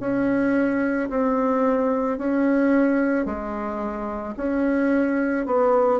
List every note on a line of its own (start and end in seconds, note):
0.00 1.09 C#4
1.09 2.18 C4
2.18 3.25 C#4
3.25 4.34 G#3
4.36 5.45 C#4
5.45 6.00 B3